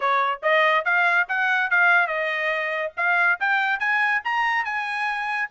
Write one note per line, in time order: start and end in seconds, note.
0.00 0.40 C#5
0.42 0.85 D#5
0.85 1.27 F5
1.28 1.70 F#5
1.70 2.07 F5
2.07 2.92 D#5
2.97 3.39 F5
3.40 3.79 G5
3.79 4.21 G#5
4.24 4.64 A#5
4.64 5.49 G#5